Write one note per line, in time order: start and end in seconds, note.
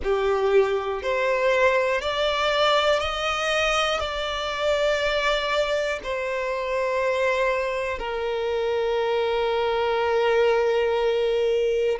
0.03 1.02 G4
1.02 2.00 C5
2.00 3.00 D5
3.00 3.99 D#5
3.99 5.99 D5
6.03 7.99 C5
7.99 11.99 A#4